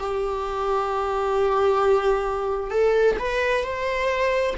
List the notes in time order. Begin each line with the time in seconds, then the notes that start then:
0.00 G4
2.71 A4
3.19 B4
3.64 C5